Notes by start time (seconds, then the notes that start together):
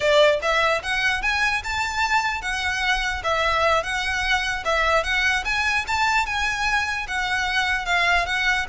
0.00 D5
0.42 E5
0.82 F#5
1.22 G#5
1.63 A5
2.41 F#5
3.23 E5
3.83 F#5
4.65 E5
5.03 F#5
5.45 G#5
5.87 A5
6.26 G#5
7.07 F#5
7.85 F5
8.25 F#5